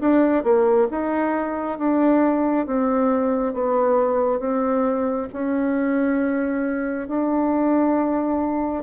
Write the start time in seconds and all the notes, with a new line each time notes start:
0.00 D4
0.43 A#3
0.91 D#4
1.78 D4
2.66 C4
3.54 B3
4.40 C4
5.33 C#4
7.08 D4